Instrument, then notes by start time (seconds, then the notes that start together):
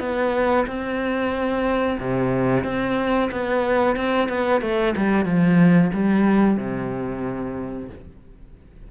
cello
0.00 B3
0.67 C4
2.00 C3
2.64 C4
3.32 B3
3.97 C4
4.29 B3
4.62 A3
4.97 G3
5.25 F3
5.94 G3
6.57 C3